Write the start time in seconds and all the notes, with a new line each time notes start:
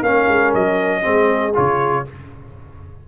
0.00 A#3 C#4 A#4 F5
0.29 G#3
0.54 F#3 D#5
1.02 G#3 C4 G#4
1.55 C#3 F4 C#5